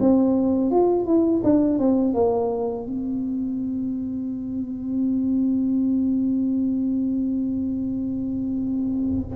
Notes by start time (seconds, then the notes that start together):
0.00 C4
0.71 F4
1.06 E4
1.44 D4
1.79 C4
2.14 A#3
2.87 C4